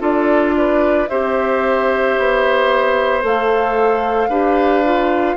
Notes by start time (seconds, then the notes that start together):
0.00 D4 F4 A4 D5
0.58 B4
1.09 C4 G4 C5 E5
2.18 B3
3.22 A3 A4 F5
4.29 D4 G4 B4
4.85 F4